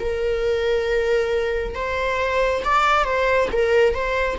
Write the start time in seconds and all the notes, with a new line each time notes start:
0.00 A#4
1.75 C5
2.65 D5
3.05 C5
3.53 A#4
3.95 C5